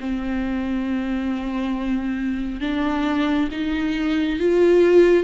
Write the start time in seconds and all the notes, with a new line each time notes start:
0.00 C4
2.61 D4
3.51 D#4
4.39 F4